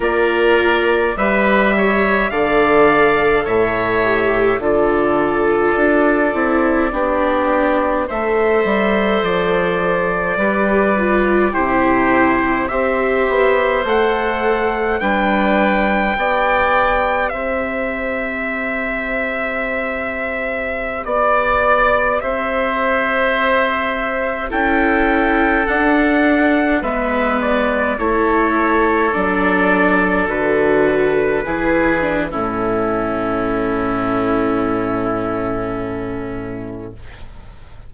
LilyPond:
<<
  \new Staff \with { instrumentName = "trumpet" } { \time 4/4 \tempo 4 = 52 d''4 e''4 f''4 e''4 | d''2. e''4 | d''2 c''4 e''4 | fis''4 g''2 e''4~ |
e''2~ e''16 d''4 e''8.~ | e''4~ e''16 g''4 fis''4 e''8 d''16~ | d''16 cis''4 d''4 b'4.~ b'16 | a'1 | }
  \new Staff \with { instrumentName = "oboe" } { \time 4/4 ais'4 b'8 cis''8 d''4 cis''4 | a'2 g'4 c''4~ | c''4 b'4 g'4 c''4~ | c''4 b'4 d''4 c''4~ |
c''2~ c''16 d''4 c''8.~ | c''4~ c''16 a'2 b'8.~ | b'16 a'2. gis'8. | e'1 | }
  \new Staff \with { instrumentName = "viola" } { \time 4/4 f'4 g'4 a'4. g'8 | f'4. e'8 d'4 a'4~ | a'4 g'8 f'8 e'4 g'4 | a'4 d'4 g'2~ |
g'1~ | g'4~ g'16 e'4 d'4 b8.~ | b16 e'4 d'4 fis'4 e'8 d'16 | cis'1 | }
  \new Staff \with { instrumentName = "bassoon" } { \time 4/4 ais4 g4 d4 a,4 | d4 d'8 c'8 b4 a8 g8 | f4 g4 c4 c'8 b8 | a4 g4 b4 c'4~ |
c'2~ c'16 b4 c'8.~ | c'4~ c'16 cis'4 d'4 gis8.~ | gis16 a4 fis4 d4 e8. | a,1 | }
>>